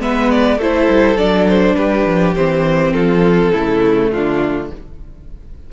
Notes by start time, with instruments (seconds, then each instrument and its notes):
0.00 cello G#3, viola B3, violin B4 E5
0.31 violin D5
0.58 cello A3, viola E4, violin A4 C5
0.89 cello G3
1.16 cello F#3, viola D4, violin D5
1.48 violin C5
1.76 cello G3, violin G4 B4
2.06 cello F3
2.35 cello E3, viola C4, violin C5
2.93 cello F3, violin F4 A4
3.52 cello C#3, viola A3, violin E4
4.11 cello D3, violin D4 F4